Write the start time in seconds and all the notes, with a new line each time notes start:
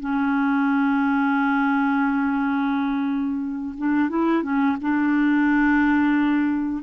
0.00 C#4
3.77 D4
4.09 E4
4.43 C#4
4.81 D4